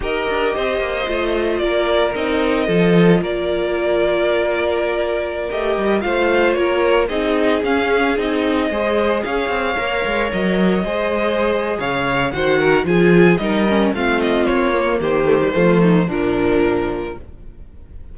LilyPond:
<<
  \new Staff \with { instrumentName = "violin" } { \time 4/4 \tempo 4 = 112 dis''2. d''4 | dis''2 d''2~ | d''2~ d''16 dis''4 f''8.~ | f''16 cis''4 dis''4 f''4 dis''8.~ |
dis''4~ dis''16 f''2 dis''8.~ | dis''2 f''4 fis''4 | gis''4 dis''4 f''8 dis''8 cis''4 | c''2 ais'2 | }
  \new Staff \with { instrumentName = "violin" } { \time 4/4 ais'4 c''2 ais'4~ | ais'4 a'4 ais'2~ | ais'2.~ ais'16 c''8.~ | c''16 ais'4 gis'2~ gis'8.~ |
gis'16 c''4 cis''2~ cis''8.~ | cis''16 c''4.~ c''16 cis''4 c''8 ais'8 | gis'4 ais'4 f'2 | g'4 f'8 dis'8 d'2 | }
  \new Staff \with { instrumentName = "viola" } { \time 4/4 g'2 f'2 | dis'4 f'2.~ | f'2~ f'16 g'4 f'8.~ | f'4~ f'16 dis'4 cis'4 dis'8.~ |
dis'16 gis'2 ais'4.~ ais'16~ | ais'16 gis'2~ gis'8. fis'4 | f'4 dis'8 cis'8 c'4. ais8~ | ais8 a16 g16 a4 f2 | }
  \new Staff \with { instrumentName = "cello" } { \time 4/4 dis'8 d'8 c'8 ais8 a4 ais4 | c'4 f4 ais2~ | ais2~ ais16 a8 g8 a8.~ | a16 ais4 c'4 cis'4 c'8.~ |
c'16 gis4 cis'8 c'8 ais8 gis8 fis8.~ | fis16 gis4.~ gis16 cis4 dis4 | f4 g4 a4 ais4 | dis4 f4 ais,2 | }
>>